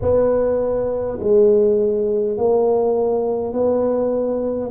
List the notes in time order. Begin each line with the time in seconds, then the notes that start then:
0.01 B3
1.19 G#3
2.37 A#3
3.53 B3